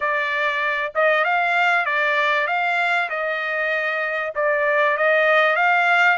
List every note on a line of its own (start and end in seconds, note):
0.00 0.93 D5
0.94 1.24 D#5
1.24 1.85 F5
1.85 2.47 D5
2.47 3.09 F5
3.09 4.33 D#5
4.35 4.97 D5
4.97 5.56 D#5
5.56 6.17 F5